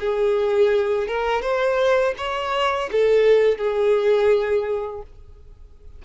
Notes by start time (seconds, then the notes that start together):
0.00 G#4
1.08 A#4
1.42 C5
2.18 C#5
2.92 A4
3.58 G#4